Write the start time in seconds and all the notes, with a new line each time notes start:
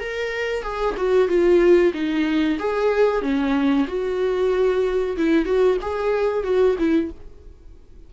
0.00 A#4
0.63 G#4
0.97 F#4
1.28 F4
1.94 D#4
2.59 G#4
3.22 C#4
3.87 F#4
5.17 E4
5.45 F#4
5.81 G#4
6.44 F#4
6.79 E4